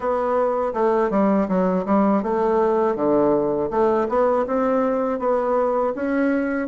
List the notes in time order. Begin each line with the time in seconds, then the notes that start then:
0.00 B3
0.73 A3
1.10 G3
1.48 F#3
1.85 G3
2.22 A3
2.95 D3
3.70 A3
4.08 B3
4.46 C4
5.19 B3
5.95 C#4